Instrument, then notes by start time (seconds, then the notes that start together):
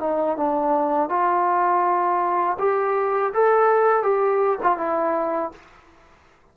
trombone
0.00 D#4
0.37 D4
1.09 F4
2.59 G4
3.34 A4
4.03 G4
4.63 F4
4.78 E4